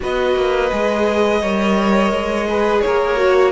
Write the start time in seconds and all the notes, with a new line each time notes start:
0.00 B3 F#4 B4 D#5
0.35 A#3
0.71 G#3 G#4
1.41 G3 A#4 C#5
2.11 G#3
2.48 G#4 B4
2.80 A#3 A#4 C#5
3.16 F#4